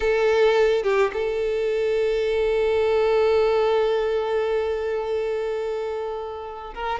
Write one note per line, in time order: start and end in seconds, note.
0.00 0.83 A4
0.83 1.11 G4
1.13 6.74 A4
6.74 6.99 A#4